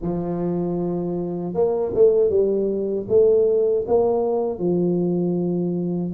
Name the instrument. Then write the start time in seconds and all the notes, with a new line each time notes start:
tuba
0.01 F3
1.53 A#3
1.93 A3
2.30 G3
3.08 A3
3.87 A#3
4.58 F3